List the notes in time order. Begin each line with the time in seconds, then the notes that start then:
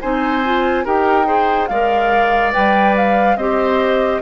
0.00 C4 D#4 C5 G#5
0.44 F4
0.84 D#4 G4 A#4 G5
1.25 G#4 C5
1.67 G#3 A#4 D5 F5
2.52 G3 B4 G5
2.96 F5
3.36 C4 G4 C5 D#5